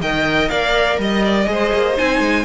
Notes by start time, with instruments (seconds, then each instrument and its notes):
0.00 cello D#3, viola A#4, violin D#5 G5
0.48 cello A#3, violin D5 F5
0.98 cello G3, violin D#5
1.24 violin D5
1.46 cello G#3, viola G#4, violin C5
1.73 cello A#3
1.96 cello C4, viola D#4, violin G#5
2.20 cello G#3